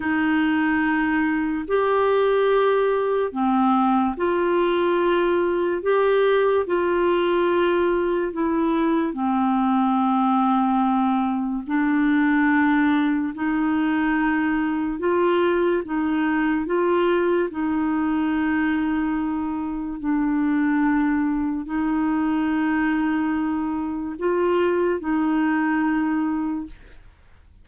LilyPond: \new Staff \with { instrumentName = "clarinet" } { \time 4/4 \tempo 4 = 72 dis'2 g'2 | c'4 f'2 g'4 | f'2 e'4 c'4~ | c'2 d'2 |
dis'2 f'4 dis'4 | f'4 dis'2. | d'2 dis'2~ | dis'4 f'4 dis'2 | }